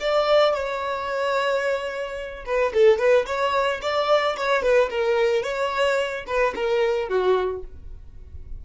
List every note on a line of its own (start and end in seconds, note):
0.00 0.54 D5
0.54 2.45 C#5
2.45 2.73 B4
2.74 2.99 A4
2.99 3.26 B4
3.26 3.81 C#5
3.82 4.36 D5
4.37 4.62 C#5
4.62 4.90 B4
4.90 5.43 A#4
5.43 6.25 C#5
6.27 6.54 B4
6.55 7.09 A#4
7.09 7.63 F#4